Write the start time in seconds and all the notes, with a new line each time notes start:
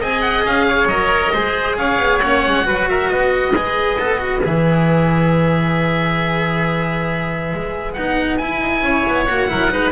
0.00 C4 G#4 D#5 G#5
0.22 F#5
0.45 C#4 F5
0.68 C#5
0.85 F#3 A#4 D#5
1.33 G#3 G#4 C5
1.77 C#4 C#5 F5
1.98 B3
2.19 A#3 C#4 F#5
2.46 G#3
2.63 F#3 F#4 B4
2.89 A#4 E5
3.09 B3 B4 D#5
3.52 G#3 G#4
3.99 B3 A4
4.18 F#4
4.44 E3 G#4 E5
7.53 G#3
7.93 B3 D#4 F#5
8.37 E4 G#5
8.60 D#4
8.82 C#4 C#5
9.07 B3
9.25 A#3 F#4 F#5
9.48 F#3 E4 A#4
9.70 G#3 D#4 B4